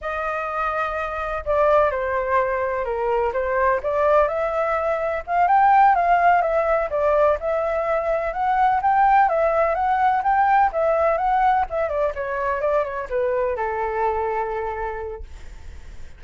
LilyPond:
\new Staff \with { instrumentName = "flute" } { \time 4/4 \tempo 4 = 126 dis''2. d''4 | c''2 ais'4 c''4 | d''4 e''2 f''8 g''8~ | g''8 f''4 e''4 d''4 e''8~ |
e''4. fis''4 g''4 e''8~ | e''8 fis''4 g''4 e''4 fis''8~ | fis''8 e''8 d''8 cis''4 d''8 cis''8 b'8~ | b'8 a'2.~ a'8 | }